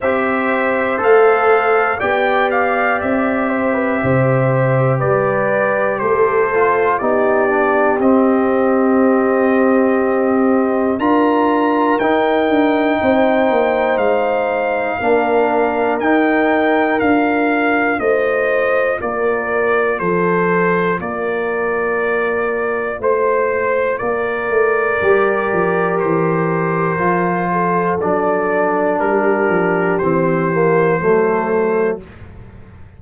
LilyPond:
<<
  \new Staff \with { instrumentName = "trumpet" } { \time 4/4 \tempo 4 = 60 e''4 f''4 g''8 f''8 e''4~ | e''4 d''4 c''4 d''4 | dis''2. ais''4 | g''2 f''2 |
g''4 f''4 dis''4 d''4 | c''4 d''2 c''4 | d''2 c''2 | d''4 ais'4 c''2 | }
  \new Staff \with { instrumentName = "horn" } { \time 4/4 c''2 d''4. c''16 b'16 | c''4 b'4 a'4 g'4~ | g'2. ais'4~ | ais'4 c''2 ais'4~ |
ais'2 c''4 ais'4 | a'4 ais'2 c''4 | ais'2.~ ais'8 a'8~ | a'4 g'2 a'4 | }
  \new Staff \with { instrumentName = "trombone" } { \time 4/4 g'4 a'4 g'2~ | g'2~ g'8 f'8 dis'8 d'8 | c'2. f'4 | dis'2. d'4 |
dis'4 f'2.~ | f'1~ | f'4 g'2 f'4 | d'2 c'8 ais8 a4 | }
  \new Staff \with { instrumentName = "tuba" } { \time 4/4 c'4 a4 b4 c'4 | c4 g4 a4 b4 | c'2. d'4 | dis'8 d'8 c'8 ais8 gis4 ais4 |
dis'4 d'4 a4 ais4 | f4 ais2 a4 | ais8 a8 g8 f8 e4 f4 | fis4 g8 f8 e4 fis4 | }
>>